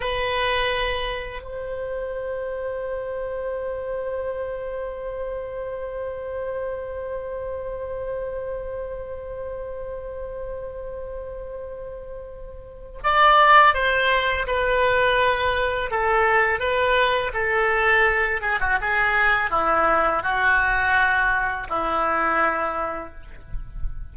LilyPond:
\new Staff \with { instrumentName = "oboe" } { \time 4/4 \tempo 4 = 83 b'2 c''2~ | c''1~ | c''1~ | c''1~ |
c''2 d''4 c''4 | b'2 a'4 b'4 | a'4. gis'16 fis'16 gis'4 e'4 | fis'2 e'2 | }